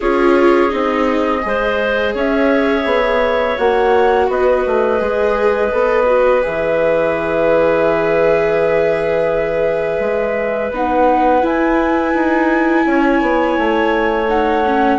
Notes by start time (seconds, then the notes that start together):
0.00 C#4 F4 G#4 C#5
0.69 C4 D#4 D#5
1.41 G#3 G#4 C5
2.14 C#4 C#5 E5
2.85 B3
3.58 A#3 F#4 F#5
4.28 B3 B4 D#5
4.67 A3
4.98 G#3 G#4
5.71 B3 A4
6.06 F#4
6.41 E3 G#4 E5
9.99 G#3
10.71 B3 D#4 F#5
11.41 E4 G#5
12.14 D#4
12.86 C#4 C#5
13.21 B3
13.58 A3
14.28 D#4 F#5
14.65 C#4